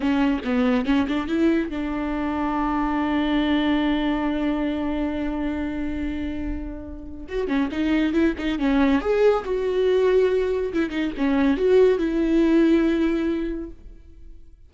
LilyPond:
\new Staff \with { instrumentName = "viola" } { \time 4/4 \tempo 4 = 140 cis'4 b4 cis'8 d'8 e'4 | d'1~ | d'1~ | d'1~ |
d'4 fis'8 cis'8 dis'4 e'8 dis'8 | cis'4 gis'4 fis'2~ | fis'4 e'8 dis'8 cis'4 fis'4 | e'1 | }